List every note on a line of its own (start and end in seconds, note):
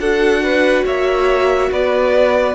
0.00 0.85 D4
0.00 2.55 F#4
0.00 0.43 A4
0.00 0.85 F#5
0.44 0.86 B4
0.86 1.71 A#3
0.86 1.70 C#5
0.86 1.72 E5
1.72 2.55 B3
1.72 2.55 B4
1.72 2.55 D5